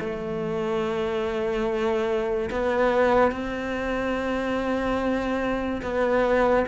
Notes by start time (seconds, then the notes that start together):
0.00 A3
2.51 B3
3.31 C4
5.82 B3